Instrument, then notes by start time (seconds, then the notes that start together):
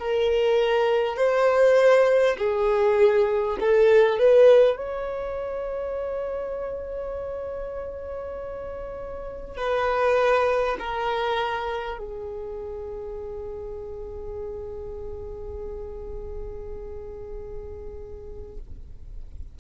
violin
0.00 A#4
1.17 C5
2.38 G#4
3.61 A4
4.19 B4
4.77 C#5
9.57 B4
10.79 A#4
11.99 G#4